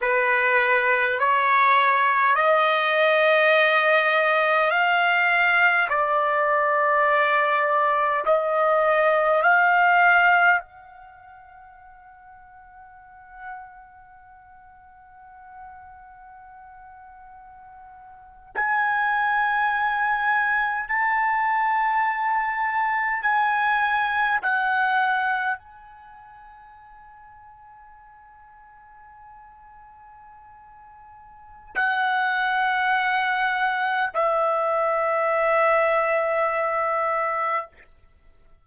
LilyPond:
\new Staff \with { instrumentName = "trumpet" } { \time 4/4 \tempo 4 = 51 b'4 cis''4 dis''2 | f''4 d''2 dis''4 | f''4 fis''2.~ | fis''2.~ fis''8. gis''16~ |
gis''4.~ gis''16 a''2 gis''16~ | gis''8. fis''4 gis''2~ gis''16~ | gis''2. fis''4~ | fis''4 e''2. | }